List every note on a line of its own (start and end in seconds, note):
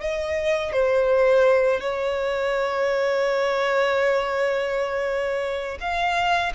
0.00 0.72 D#5
0.72 1.80 C5
1.80 5.78 C#5
5.80 6.52 F5